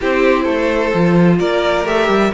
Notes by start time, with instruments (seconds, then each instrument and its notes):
0.00 cello C4, viola E4, violin G4 C5
0.43 cello A3, violin A4
0.94 cello F3, viola F4
1.39 cello A#3, violin A#4 D5
1.84 cello A3, viola G4, violin E5
2.08 cello G3